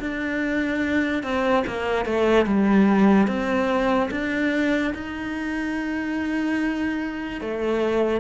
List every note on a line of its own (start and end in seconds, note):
0.00 1.23 D4
1.23 1.64 C4
1.67 2.05 A#3
2.05 2.46 A3
2.46 3.27 G3
3.27 4.09 C4
4.11 4.94 D4
4.94 7.41 D#4
7.41 8.20 A3